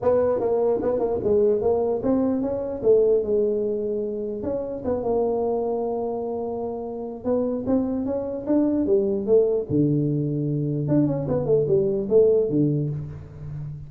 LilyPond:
\new Staff \with { instrumentName = "tuba" } { \time 4/4 \tempo 4 = 149 b4 ais4 b8 ais8 gis4 | ais4 c'4 cis'4 a4 | gis2. cis'4 | b8 ais2.~ ais8~ |
ais2 b4 c'4 | cis'4 d'4 g4 a4 | d2. d'8 cis'8 | b8 a8 g4 a4 d4 | }